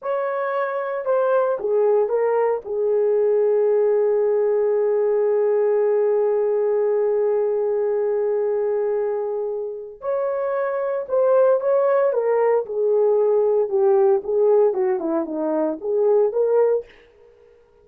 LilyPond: \new Staff \with { instrumentName = "horn" } { \time 4/4 \tempo 4 = 114 cis''2 c''4 gis'4 | ais'4 gis'2.~ | gis'1~ | gis'1~ |
gis'2. cis''4~ | cis''4 c''4 cis''4 ais'4 | gis'2 g'4 gis'4 | fis'8 e'8 dis'4 gis'4 ais'4 | }